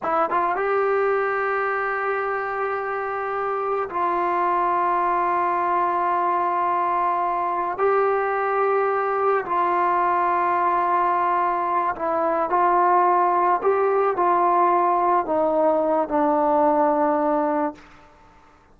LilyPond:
\new Staff \with { instrumentName = "trombone" } { \time 4/4 \tempo 4 = 108 e'8 f'8 g'2.~ | g'2. f'4~ | f'1~ | f'2 g'2~ |
g'4 f'2.~ | f'4. e'4 f'4.~ | f'8 g'4 f'2 dis'8~ | dis'4 d'2. | }